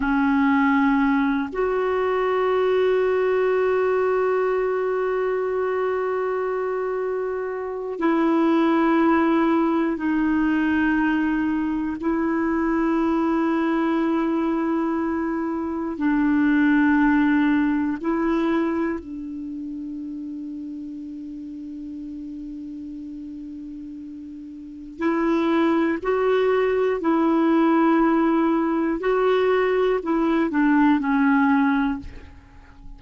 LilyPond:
\new Staff \with { instrumentName = "clarinet" } { \time 4/4 \tempo 4 = 60 cis'4. fis'2~ fis'8~ | fis'1 | e'2 dis'2 | e'1 |
d'2 e'4 d'4~ | d'1~ | d'4 e'4 fis'4 e'4~ | e'4 fis'4 e'8 d'8 cis'4 | }